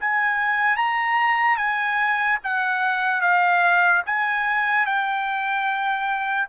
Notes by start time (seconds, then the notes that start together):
0.00 G#5
0.76 A#5
1.57 G#5
2.43 F#5
3.21 F5
4.06 G#5
4.85 G5